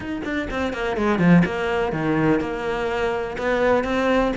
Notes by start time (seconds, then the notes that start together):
0.00 D#4
0.24 D4
0.50 C4
0.73 A#3
0.96 G#3
1.18 F3
1.45 A#3
1.92 D#3
2.40 A#3
3.38 B3
3.84 C4